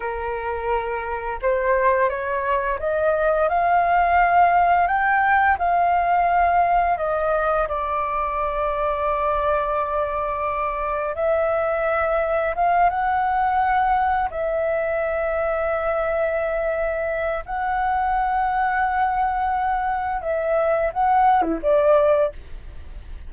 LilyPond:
\new Staff \with { instrumentName = "flute" } { \time 4/4 \tempo 4 = 86 ais'2 c''4 cis''4 | dis''4 f''2 g''4 | f''2 dis''4 d''4~ | d''1 |
e''2 f''8 fis''4.~ | fis''8 e''2.~ e''8~ | e''4 fis''2.~ | fis''4 e''4 fis''8. e'16 d''4 | }